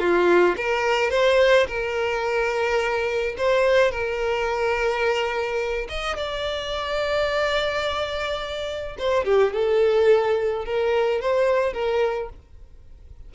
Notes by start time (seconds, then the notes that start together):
0.00 F4
0.57 A#4
1.11 C5
1.68 A#4
3.38 C5
3.92 A#4
5.89 D#5
6.17 D5
8.98 C5
9.25 G4
9.53 A4
10.65 A#4
11.22 C5
11.73 A#4